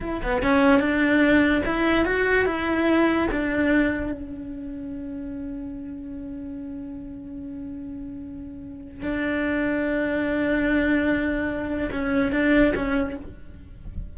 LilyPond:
\new Staff \with { instrumentName = "cello" } { \time 4/4 \tempo 4 = 146 e'8 b8 cis'4 d'2 | e'4 fis'4 e'2 | d'2 cis'2~ | cis'1~ |
cis'1~ | cis'2 d'2~ | d'1~ | d'4 cis'4 d'4 cis'4 | }